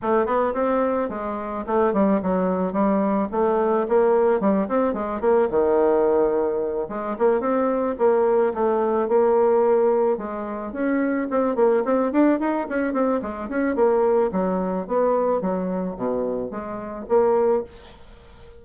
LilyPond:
\new Staff \with { instrumentName = "bassoon" } { \time 4/4 \tempo 4 = 109 a8 b8 c'4 gis4 a8 g8 | fis4 g4 a4 ais4 | g8 c'8 gis8 ais8 dis2~ | dis8 gis8 ais8 c'4 ais4 a8~ |
a8 ais2 gis4 cis'8~ | cis'8 c'8 ais8 c'8 d'8 dis'8 cis'8 c'8 | gis8 cis'8 ais4 fis4 b4 | fis4 b,4 gis4 ais4 | }